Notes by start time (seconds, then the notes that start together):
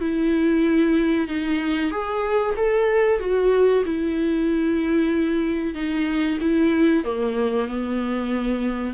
0.00 E4
1.28 D#4
1.91 G#4
2.56 A4
3.19 F#4
3.85 E4
5.74 D#4
6.40 E4
7.04 A#3
7.68 B3